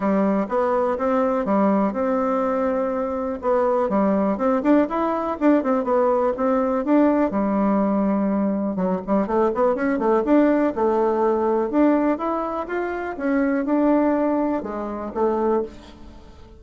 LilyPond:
\new Staff \with { instrumentName = "bassoon" } { \time 4/4 \tempo 4 = 123 g4 b4 c'4 g4 | c'2. b4 | g4 c'8 d'8 e'4 d'8 c'8 | b4 c'4 d'4 g4~ |
g2 fis8 g8 a8 b8 | cis'8 a8 d'4 a2 | d'4 e'4 f'4 cis'4 | d'2 gis4 a4 | }